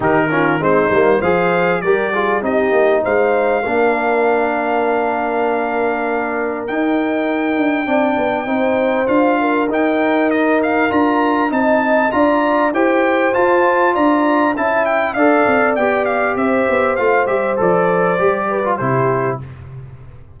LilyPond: <<
  \new Staff \with { instrumentName = "trumpet" } { \time 4/4 \tempo 4 = 99 ais'4 c''4 f''4 d''4 | dis''4 f''2.~ | f''2. g''4~ | g''2. f''4 |
g''4 dis''8 f''8 ais''4 a''4 | ais''4 g''4 a''4 ais''4 | a''8 g''8 f''4 g''8 f''8 e''4 | f''8 e''8 d''2 c''4 | }
  \new Staff \with { instrumentName = "horn" } { \time 4/4 g'8 f'8 dis'4 c''4 ais'8 gis'8 | g'4 c''4 ais'2~ | ais'1~ | ais'4 d''4 c''4. ais'8~ |
ais'2. dis''4 | d''4 c''2 d''4 | e''4 d''2 c''4~ | c''2~ c''8 b'8 g'4 | }
  \new Staff \with { instrumentName = "trombone" } { \time 4/4 dis'8 cis'8 c'8 ais8 gis'4 g'8 f'8 | dis'2 d'2~ | d'2. dis'4~ | dis'4 d'4 dis'4 f'4 |
dis'2 f'4 dis'4 | f'4 g'4 f'2 | e'4 a'4 g'2 | f'8 g'8 a'4 g'8. f'16 e'4 | }
  \new Staff \with { instrumentName = "tuba" } { \time 4/4 dis4 gis8 g8 f4 g4 | c'8 ais8 gis4 ais2~ | ais2. dis'4~ | dis'8 d'8 c'8 b8 c'4 d'4 |
dis'2 d'4 c'4 | d'4 e'4 f'4 d'4 | cis'4 d'8 c'8 b4 c'8 b8 | a8 g8 f4 g4 c4 | }
>>